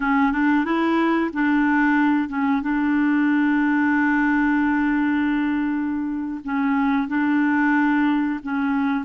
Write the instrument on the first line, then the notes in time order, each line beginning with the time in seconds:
clarinet
0.00 C#4
0.31 D4
0.64 E4
1.33 D4
2.29 C#4
2.61 D4
6.44 C#4
7.08 D4
8.42 C#4